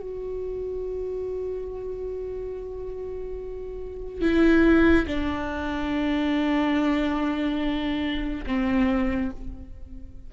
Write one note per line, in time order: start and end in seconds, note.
0.00 4.22 F#4
4.22 5.06 E4
5.07 8.45 D4
8.47 9.31 C4